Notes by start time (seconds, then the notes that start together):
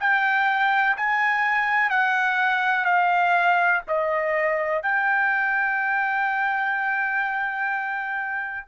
0.00 G5
0.97 G#5
1.90 F#5
2.85 F5
3.88 D#5
4.83 G5